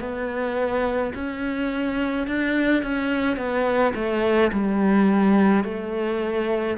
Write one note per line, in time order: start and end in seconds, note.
0.00 1.13 B3
1.14 2.27 C#4
2.27 2.83 D4
2.83 3.37 C#4
3.37 3.94 B3
3.95 4.51 A3
4.52 5.64 G3
5.64 6.77 A3